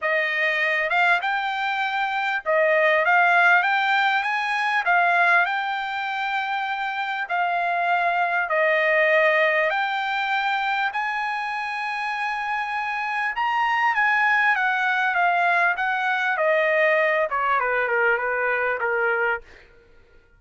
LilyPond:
\new Staff \with { instrumentName = "trumpet" } { \time 4/4 \tempo 4 = 99 dis''4. f''8 g''2 | dis''4 f''4 g''4 gis''4 | f''4 g''2. | f''2 dis''2 |
g''2 gis''2~ | gis''2 ais''4 gis''4 | fis''4 f''4 fis''4 dis''4~ | dis''8 cis''8 b'8 ais'8 b'4 ais'4 | }